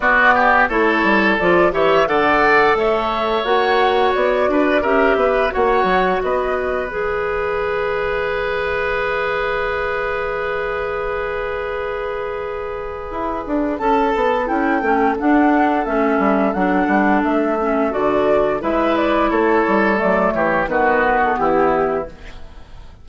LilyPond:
<<
  \new Staff \with { instrumentName = "flute" } { \time 4/4 \tempo 4 = 87 d''4 cis''4 d''8 e''8 fis''4 | e''4 fis''4 d''4 e''4 | fis''4 dis''4 e''2~ | e''1~ |
e''1 | a''4 g''4 fis''4 e''4 | fis''4 e''4 d''4 e''8 d''8 | cis''4 d''8 cis''8 b'8. a'16 g'4 | }
  \new Staff \with { instrumentName = "oboe" } { \time 4/4 fis'8 g'8 a'4. cis''8 d''4 | cis''2~ cis''8 b'8 ais'8 b'8 | cis''4 b'2.~ | b'1~ |
b'1 | a'1~ | a'2. b'4 | a'4. g'8 fis'4 e'4 | }
  \new Staff \with { instrumentName = "clarinet" } { \time 4/4 b4 e'4 f'8 g'8 a'4~ | a'4 fis'2 g'4 | fis'2 gis'2~ | gis'1~ |
gis'1 | a'4 e'8 cis'8 d'4 cis'4 | d'4. cis'8 fis'4 e'4~ | e'4 a4 b2 | }
  \new Staff \with { instrumentName = "bassoon" } { \time 4/4 b4 a8 g8 f8 e8 d4 | a4 ais4 b8 d'8 cis'8 b8 | ais8 fis8 b4 e2~ | e1~ |
e2. e'8 d'8 | cis'8 b8 cis'8 a8 d'4 a8 g8 | fis8 g8 a4 d4 gis4 | a8 g8 fis8 e8 dis4 e4 | }
>>